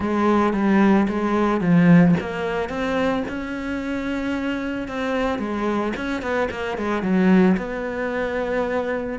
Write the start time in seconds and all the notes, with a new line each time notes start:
0.00 G#3
0.53 G3
1.08 G#3
1.60 F3
2.20 A#3
2.69 C4
3.28 C#4
4.88 C4
5.38 G#3
5.96 C#4
6.22 B3
6.50 A#3
6.77 G#3
7.02 F#3
7.57 B3